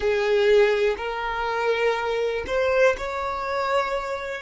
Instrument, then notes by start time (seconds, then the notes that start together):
violin
0.00 G#4
0.97 A#4
2.46 C5
2.97 C#5